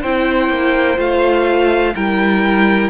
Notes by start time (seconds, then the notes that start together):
0.00 C4 E4 C5 G5
0.49 A#3
0.96 A3 F4 F5
1.95 G3 E4 A#4 G5